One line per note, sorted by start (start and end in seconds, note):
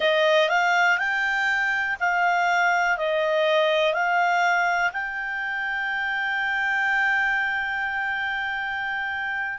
0.00 0.49 D#5
0.49 0.98 F5
0.98 1.97 G5
1.99 2.97 F5
2.97 3.93 D#5
3.93 4.91 F5
4.92 9.58 G5